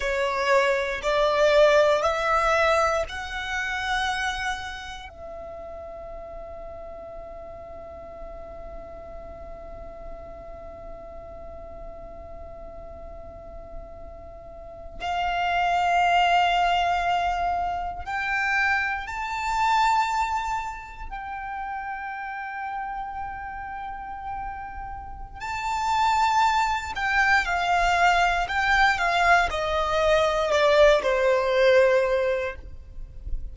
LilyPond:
\new Staff \with { instrumentName = "violin" } { \time 4/4 \tempo 4 = 59 cis''4 d''4 e''4 fis''4~ | fis''4 e''2.~ | e''1~ | e''2~ e''8. f''4~ f''16~ |
f''4.~ f''16 g''4 a''4~ a''16~ | a''8. g''2.~ g''16~ | g''4 a''4. g''8 f''4 | g''8 f''8 dis''4 d''8 c''4. | }